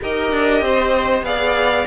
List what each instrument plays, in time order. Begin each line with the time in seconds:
0.02 cello D#4, viola G4, violin A#4 D#5
0.32 cello D4
0.61 cello C4, violin C5
1.22 cello B3, viola G#4, violin D5 F5